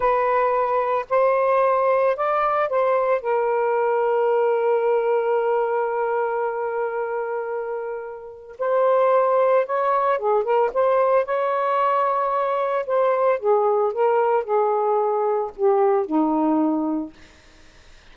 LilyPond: \new Staff \with { instrumentName = "saxophone" } { \time 4/4 \tempo 4 = 112 b'2 c''2 | d''4 c''4 ais'2~ | ais'1~ | ais'1 |
c''2 cis''4 gis'8 ais'8 | c''4 cis''2. | c''4 gis'4 ais'4 gis'4~ | gis'4 g'4 dis'2 | }